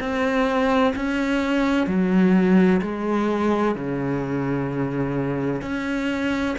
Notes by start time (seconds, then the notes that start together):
0.00 C4
0.96 C#4
1.87 F#3
2.82 G#3
3.75 C#3
5.62 C#4